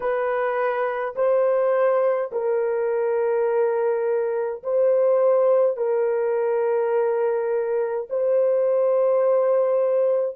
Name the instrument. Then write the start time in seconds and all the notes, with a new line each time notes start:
horn
0.00 B4
1.15 C5
2.32 A#4
4.63 C5
5.76 A#4
8.09 C5